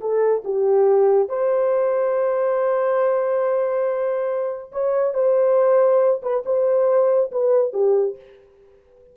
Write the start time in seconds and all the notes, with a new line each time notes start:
0.00 A4
0.44 G4
1.28 C5
4.71 C#5
5.14 C5
6.22 B4
6.45 C5
7.31 B4
7.73 G4